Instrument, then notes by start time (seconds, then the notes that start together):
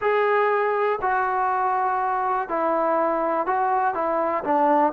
trombone
0.01 G#4
1.01 F#4
2.48 E4
3.46 F#4
3.94 E4
4.44 D4